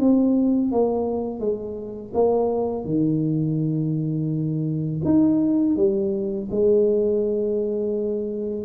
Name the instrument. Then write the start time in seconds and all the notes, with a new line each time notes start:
tuba
0.00 C4
0.72 A#3
1.40 G#3
2.14 A#3
2.85 D#3
5.05 D#4
5.77 G3
6.51 G#3